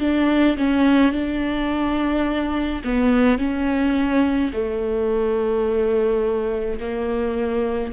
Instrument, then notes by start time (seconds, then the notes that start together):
viola
0.00 D4
0.57 C#4
1.12 D4
2.84 B3
3.38 C#4
4.53 A3
6.80 A#3